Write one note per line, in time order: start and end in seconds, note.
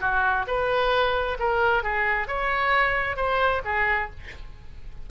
0.00 0.45 F#4
0.47 1.37 B4
1.39 1.83 A#4
1.83 2.27 G#4
2.27 3.16 C#5
3.16 3.61 C5
3.65 4.10 G#4